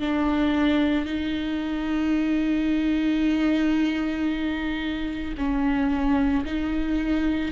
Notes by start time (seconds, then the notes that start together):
0.00 D4
1.06 D#4
5.37 C#4
6.45 D#4